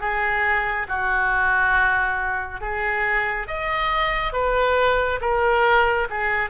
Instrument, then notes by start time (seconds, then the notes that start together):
oboe
0.00 G#4
0.88 F#4
2.60 G#4
3.47 D#5
4.33 B4
5.21 A#4
6.09 G#4